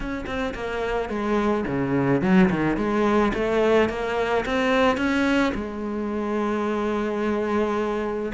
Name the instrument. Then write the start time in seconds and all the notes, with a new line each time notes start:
cello
0.00 C#4
0.26 C4
0.54 A#3
1.09 G#3
1.66 C#3
2.21 F#3
2.49 D#3
2.76 G#3
3.34 A3
3.89 A#3
4.45 C4
4.97 C#4
5.54 G#3